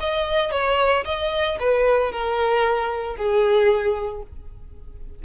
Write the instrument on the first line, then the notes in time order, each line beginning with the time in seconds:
violin
0.00 D#5
0.51 C#5
1.05 D#5
1.60 B4
2.12 A#4
3.16 G#4